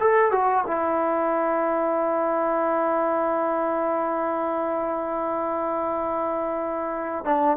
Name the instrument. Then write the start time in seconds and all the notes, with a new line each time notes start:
trombone
0.00 A4
0.31 F#4
0.67 E4
7.25 D4